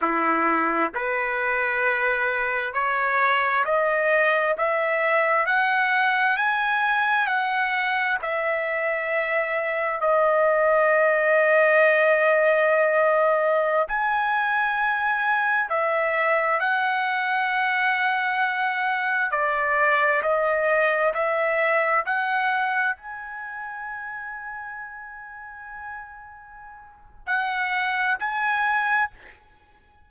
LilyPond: \new Staff \with { instrumentName = "trumpet" } { \time 4/4 \tempo 4 = 66 e'4 b'2 cis''4 | dis''4 e''4 fis''4 gis''4 | fis''4 e''2 dis''4~ | dis''2.~ dis''16 gis''8.~ |
gis''4~ gis''16 e''4 fis''4.~ fis''16~ | fis''4~ fis''16 d''4 dis''4 e''8.~ | e''16 fis''4 gis''2~ gis''8.~ | gis''2 fis''4 gis''4 | }